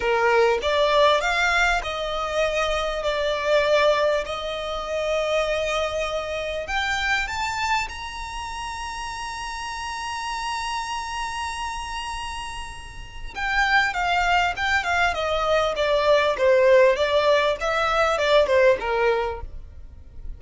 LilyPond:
\new Staff \with { instrumentName = "violin" } { \time 4/4 \tempo 4 = 99 ais'4 d''4 f''4 dis''4~ | dis''4 d''2 dis''4~ | dis''2. g''4 | a''4 ais''2.~ |
ais''1~ | ais''2 g''4 f''4 | g''8 f''8 dis''4 d''4 c''4 | d''4 e''4 d''8 c''8 ais'4 | }